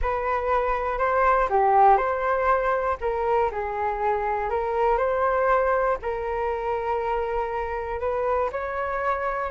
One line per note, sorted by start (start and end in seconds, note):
0.01 0.98 B4
0.98 1.48 C5
1.49 1.97 G4
1.97 2.97 C5
3.00 3.50 A#4
3.51 4.50 G#4
4.50 4.97 A#4
4.97 5.97 C5
6.01 8.00 A#4
8.00 8.50 B4
8.51 9.50 C#5